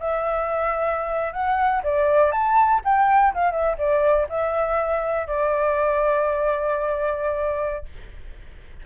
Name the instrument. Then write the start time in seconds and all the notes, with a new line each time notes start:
flute
0.00 E5
1.33 F#5
1.84 D5
2.32 A5
2.85 G5
3.34 F5
3.52 E5
3.78 D5
4.30 E5
5.28 D5